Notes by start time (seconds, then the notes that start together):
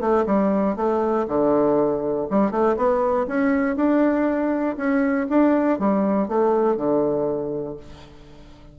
0.00 A3
0.26 G3
0.76 A3
1.28 D3
2.30 G3
2.51 A3
2.77 B3
3.27 C#4
3.76 D4
4.77 C#4
5.30 D4
5.79 G3
6.28 A3
6.77 D3